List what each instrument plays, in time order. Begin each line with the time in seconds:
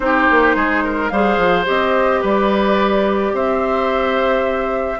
0.00 bassoon C4, clarinet D#4, oboe G4, flute C5
0.30 bassoon A#3
0.55 bassoon G#3, oboe G#4
0.84 oboe A#4
1.09 bassoon G3, clarinet G#4, oboe C5, flute F5
1.37 bassoon F3
1.65 bassoon C4, clarinet G4, flute D#5
2.21 bassoon G3, oboe B4, flute D5
3.32 bassoon C4, oboe C5, flute E5